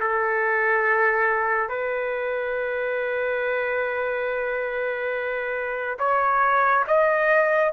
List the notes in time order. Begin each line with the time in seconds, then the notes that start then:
0.00 A4
1.69 B4
5.99 C#5
6.87 D#5